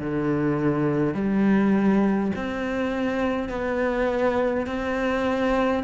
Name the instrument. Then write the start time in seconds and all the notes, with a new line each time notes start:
cello
0.00 D3
1.14 G3
2.35 C4
3.49 B3
4.66 C4